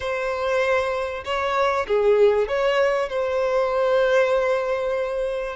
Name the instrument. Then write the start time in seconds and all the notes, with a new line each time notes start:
violin
0.00 C5
1.24 C#5
1.87 G#4
2.47 C#5
3.09 C5